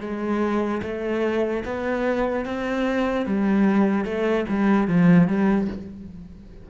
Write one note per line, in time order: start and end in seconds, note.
0.00 0.81 G#3
0.82 1.63 A3
1.65 2.45 B3
2.45 3.25 C4
3.25 4.04 G3
4.04 4.45 A3
4.49 4.87 G3
4.87 5.27 F3
5.27 5.68 G3